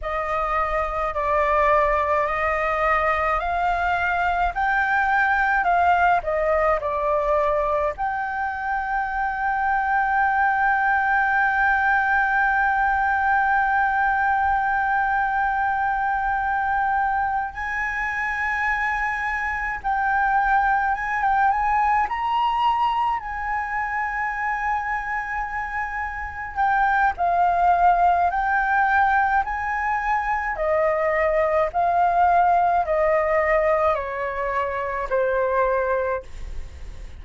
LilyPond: \new Staff \with { instrumentName = "flute" } { \time 4/4 \tempo 4 = 53 dis''4 d''4 dis''4 f''4 | g''4 f''8 dis''8 d''4 g''4~ | g''1~ | g''2.~ g''8 gis''8~ |
gis''4. g''4 gis''16 g''16 gis''8 ais''8~ | ais''8 gis''2. g''8 | f''4 g''4 gis''4 dis''4 | f''4 dis''4 cis''4 c''4 | }